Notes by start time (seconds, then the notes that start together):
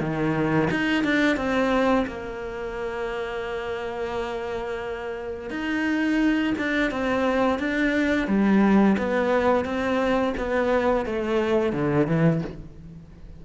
0.00 D#3
0.71 D#4
1.04 D4
1.36 C4
2.07 A#3
5.50 D#4
6.58 D4
6.91 C4
7.59 D4
8.28 G3
8.97 B3
9.65 C4
10.37 B3
11.06 A3
11.73 D3
12.07 E3